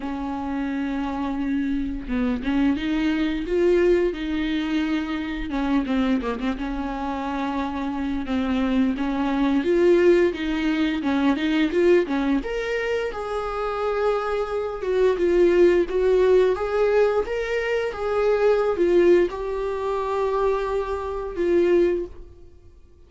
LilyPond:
\new Staff \with { instrumentName = "viola" } { \time 4/4 \tempo 4 = 87 cis'2. b8 cis'8 | dis'4 f'4 dis'2 | cis'8 c'8 ais16 c'16 cis'2~ cis'8 | c'4 cis'4 f'4 dis'4 |
cis'8 dis'8 f'8 cis'8 ais'4 gis'4~ | gis'4. fis'8 f'4 fis'4 | gis'4 ais'4 gis'4~ gis'16 f'8. | g'2. f'4 | }